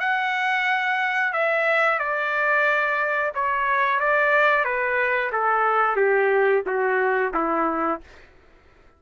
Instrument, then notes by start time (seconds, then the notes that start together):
trumpet
0.00 F#5
1.33 E5
1.99 D5
3.35 C#5
4.00 D5
4.65 B4
5.32 A4
5.97 G4
6.67 F#4
7.34 E4